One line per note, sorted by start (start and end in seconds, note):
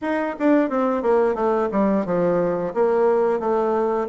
0.01 0.35 D#4
0.39 0.69 D4
0.69 1.02 C4
1.02 1.34 A#3
1.34 1.68 A3
1.71 2.05 G3
2.05 2.73 F3
2.74 3.39 A#3
3.39 4.07 A3